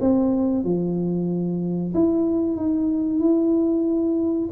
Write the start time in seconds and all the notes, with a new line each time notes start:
0.00 C4
0.64 F3
1.94 E4
2.56 D#4
3.20 E4